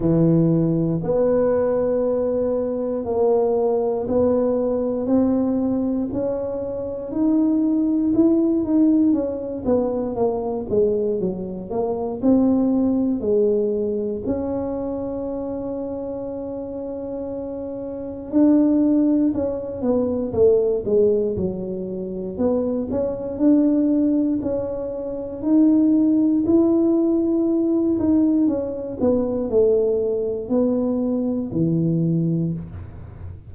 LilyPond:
\new Staff \with { instrumentName = "tuba" } { \time 4/4 \tempo 4 = 59 e4 b2 ais4 | b4 c'4 cis'4 dis'4 | e'8 dis'8 cis'8 b8 ais8 gis8 fis8 ais8 | c'4 gis4 cis'2~ |
cis'2 d'4 cis'8 b8 | a8 gis8 fis4 b8 cis'8 d'4 | cis'4 dis'4 e'4. dis'8 | cis'8 b8 a4 b4 e4 | }